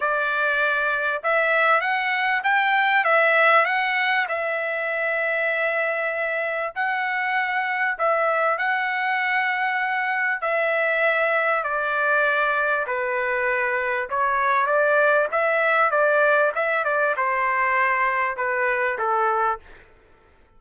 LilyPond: \new Staff \with { instrumentName = "trumpet" } { \time 4/4 \tempo 4 = 98 d''2 e''4 fis''4 | g''4 e''4 fis''4 e''4~ | e''2. fis''4~ | fis''4 e''4 fis''2~ |
fis''4 e''2 d''4~ | d''4 b'2 cis''4 | d''4 e''4 d''4 e''8 d''8 | c''2 b'4 a'4 | }